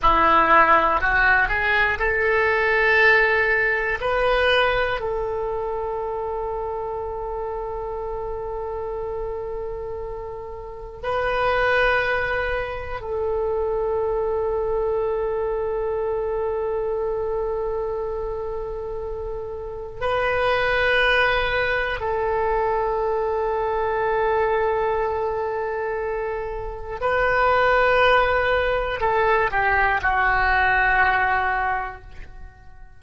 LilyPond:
\new Staff \with { instrumentName = "oboe" } { \time 4/4 \tempo 4 = 60 e'4 fis'8 gis'8 a'2 | b'4 a'2.~ | a'2. b'4~ | b'4 a'2.~ |
a'1 | b'2 a'2~ | a'2. b'4~ | b'4 a'8 g'8 fis'2 | }